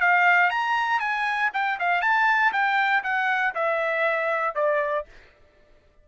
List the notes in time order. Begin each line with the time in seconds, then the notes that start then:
0.00 F5
0.50 A#5
0.99 G#5
1.53 G5
1.79 F5
2.01 A5
2.52 G5
3.03 F#5
3.54 E5
4.55 D5